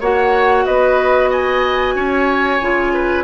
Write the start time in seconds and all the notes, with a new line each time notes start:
0.00 A#3 F#4 C#5 F#5
0.65 B3 B4 D#5
1.29 D#5 G#5
1.95 C#4 C#5
2.60 C#3 F4
2.93 B4